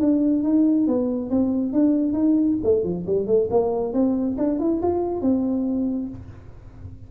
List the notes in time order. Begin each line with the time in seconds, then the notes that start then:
0.00 D4
0.43 D#4
0.87 B3
1.30 C4
1.73 D4
2.13 D#4
2.64 A3
2.84 F3
3.06 G3
3.27 A3
3.51 A#3
3.93 C4
4.38 D4
4.59 E4
4.82 F4
5.21 C4